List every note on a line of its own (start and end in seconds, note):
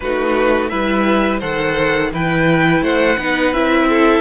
0.00 0.70 A3
0.00 0.70 D#4
0.00 0.70 F#4
0.00 0.69 B4
0.69 1.41 G3
0.69 1.41 E4
0.69 1.39 B4
0.69 1.39 E5
1.39 2.12 D#3
1.39 2.11 A4
1.39 2.10 C5
1.39 2.11 F#5
2.12 2.81 E3
2.12 3.19 E4
2.12 2.83 B4
2.12 2.83 G5
2.81 3.16 A3
2.81 3.17 C5
2.81 3.53 F#5
3.17 3.52 B3
3.17 3.54 D#4
3.17 3.88 B4
3.52 4.20 C4
3.52 4.20 E4
3.52 4.20 E5
3.89 4.20 A4